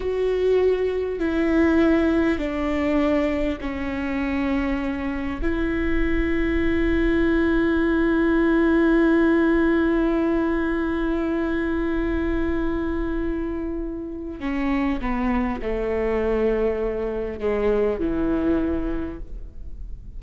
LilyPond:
\new Staff \with { instrumentName = "viola" } { \time 4/4 \tempo 4 = 100 fis'2 e'2 | d'2 cis'2~ | cis'4 e'2.~ | e'1~ |
e'1~ | e'1 | cis'4 b4 a2~ | a4 gis4 e2 | }